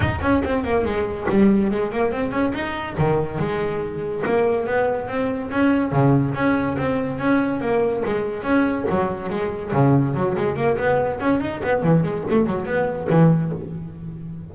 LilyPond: \new Staff \with { instrumentName = "double bass" } { \time 4/4 \tempo 4 = 142 dis'8 cis'8 c'8 ais8 gis4 g4 | gis8 ais8 c'8 cis'8 dis'4 dis4 | gis2 ais4 b4 | c'4 cis'4 cis4 cis'4 |
c'4 cis'4 ais4 gis4 | cis'4 fis4 gis4 cis4 | fis8 gis8 ais8 b4 cis'8 dis'8 b8 | e8 gis8 a8 fis8 b4 e4 | }